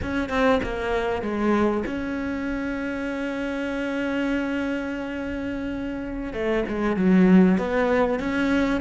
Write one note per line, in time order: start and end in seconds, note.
0.01 0.29 C#4
0.29 0.60 C4
0.63 1.21 A#3
1.21 1.83 G#3
1.86 6.33 C#4
6.33 6.64 A3
6.68 6.96 G#3
6.96 7.58 F#3
7.58 8.19 B3
8.19 8.80 C#4